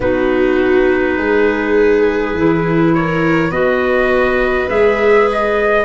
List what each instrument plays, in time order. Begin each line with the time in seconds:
0.00 tuba B3, clarinet D#4, viola F#4, trumpet B4
1.17 tuba G#3, viola G#4
2.33 tuba E3, clarinet E4
2.94 viola A#4, trumpet C#5
3.50 tuba B3, clarinet F#4, viola B4, trumpet D#5
4.68 tuba G#3, clarinet G#4, trumpet E5
5.32 trumpet D#5